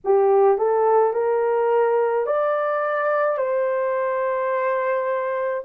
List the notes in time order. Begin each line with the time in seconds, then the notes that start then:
0.04 G4
0.58 A4
1.13 A#4
2.26 D5
3.37 C5